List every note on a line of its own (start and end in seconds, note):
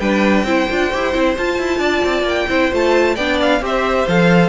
0.00 0.44 G3
0.00 0.46 D4
0.00 0.46 B4
0.00 1.35 G5
0.44 0.67 C4
0.44 0.69 E4
0.44 1.80 C5
0.71 0.94 D4
0.71 0.92 F4
0.92 1.15 E4
0.92 1.14 G4
1.14 1.37 C4
1.14 1.37 E4
1.38 1.59 F4
1.38 2.49 F4
1.38 2.28 A5
1.59 1.78 E4
1.78 2.01 D4
1.78 2.48 D5
2.05 2.23 C4
2.23 2.46 A#3
2.23 2.74 G5
2.49 2.72 C4
2.49 2.72 E4
2.49 3.15 C5
2.72 3.17 A3
2.72 3.17 F4
2.72 3.16 A5
3.15 3.61 B3
3.15 3.61 D4
3.15 3.60 D5
3.15 3.39 G5
3.42 3.64 F5
3.61 4.06 C4
3.61 4.06 G4
3.61 4.50 C5
3.61 4.08 E5
4.08 4.50 F3
4.08 4.50 A4
4.08 4.50 F5